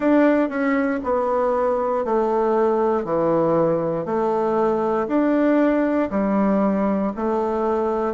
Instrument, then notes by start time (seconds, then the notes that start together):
bassoon
0.00 D4
0.49 C#4
1.04 B3
2.04 A3
3.04 E3
4.05 A3
5.07 D4
6.10 G3
7.16 A3